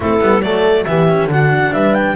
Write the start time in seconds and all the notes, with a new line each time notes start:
0.00 A3 C4 E4 A4
0.20 G3 B3
0.42 F#3 A3 A4 D5
0.84 E3 B3 G4 E5
1.08 C#4
1.26 D3 D4 F#4 F#5
1.73 G3 B4 E5
1.94 G5